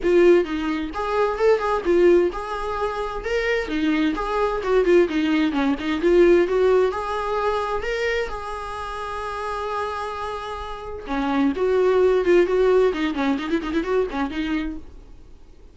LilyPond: \new Staff \with { instrumentName = "viola" } { \time 4/4 \tempo 4 = 130 f'4 dis'4 gis'4 a'8 gis'8 | f'4 gis'2 ais'4 | dis'4 gis'4 fis'8 f'8 dis'4 | cis'8 dis'8 f'4 fis'4 gis'4~ |
gis'4 ais'4 gis'2~ | gis'1 | cis'4 fis'4. f'8 fis'4 | dis'8 cis'8 dis'16 e'16 dis'16 e'16 fis'8 cis'8 dis'4 | }